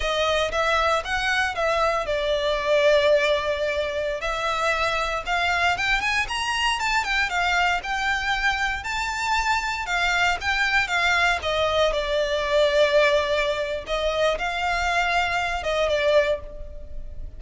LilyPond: \new Staff \with { instrumentName = "violin" } { \time 4/4 \tempo 4 = 117 dis''4 e''4 fis''4 e''4 | d''1~ | d''16 e''2 f''4 g''8 gis''16~ | gis''16 ais''4 a''8 g''8 f''4 g''8.~ |
g''4~ g''16 a''2 f''8.~ | f''16 g''4 f''4 dis''4 d''8.~ | d''2. dis''4 | f''2~ f''8 dis''8 d''4 | }